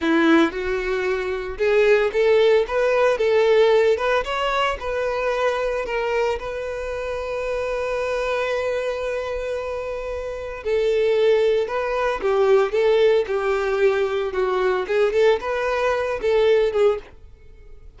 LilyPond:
\new Staff \with { instrumentName = "violin" } { \time 4/4 \tempo 4 = 113 e'4 fis'2 gis'4 | a'4 b'4 a'4. b'8 | cis''4 b'2 ais'4 | b'1~ |
b'1 | a'2 b'4 g'4 | a'4 g'2 fis'4 | gis'8 a'8 b'4. a'4 gis'8 | }